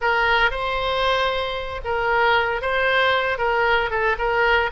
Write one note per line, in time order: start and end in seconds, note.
0.01 0.51 A#4
0.51 1.81 C5
1.84 2.61 A#4
2.61 3.38 C5
3.38 3.90 A#4
3.90 4.16 A4
4.18 4.70 A#4